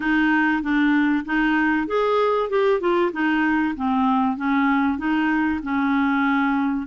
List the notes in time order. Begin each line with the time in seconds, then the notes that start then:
0.00 D#4
0.62 D4
1.25 D#4
1.87 G#4
2.49 G4
2.80 F4
3.12 D#4
3.76 C4
4.37 C#4
4.98 D#4
5.62 C#4